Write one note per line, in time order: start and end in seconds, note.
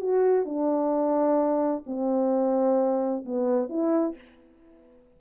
0.00 0.45 F#4
0.45 1.84 D4
1.86 3.25 C4
3.25 3.69 B3
3.69 4.15 E4